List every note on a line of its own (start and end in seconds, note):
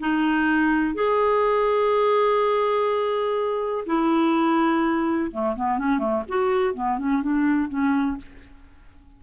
0.00 0.94 D#4
0.94 3.85 G#4
3.86 5.31 E4
5.31 5.55 A3
5.56 5.78 B3
5.78 5.98 C#4
5.98 6.23 A3
6.28 6.74 F#4
6.74 6.98 B3
6.98 7.22 C#4
7.22 7.69 D4
7.69 8.17 C#4